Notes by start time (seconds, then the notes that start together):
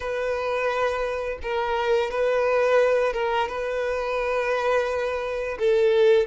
0.00 B4
1.42 A#4
2.11 B4
3.13 A#4
3.48 B4
5.58 A4